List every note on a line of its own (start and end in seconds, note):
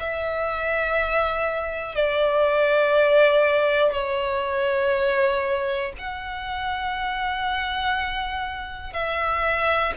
0.00 1.96 E5
1.96 3.93 D5
3.93 5.93 C#5
5.99 8.94 F#5
8.94 9.94 E5